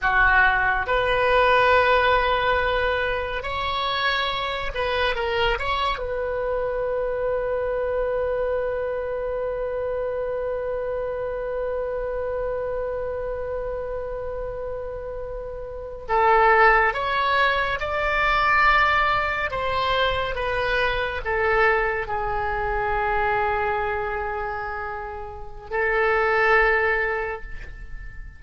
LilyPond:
\new Staff \with { instrumentName = "oboe" } { \time 4/4 \tempo 4 = 70 fis'4 b'2. | cis''4. b'8 ais'8 cis''8 b'4~ | b'1~ | b'1~ |
b'2~ b'8. a'4 cis''16~ | cis''8. d''2 c''4 b'16~ | b'8. a'4 gis'2~ gis'16~ | gis'2 a'2 | }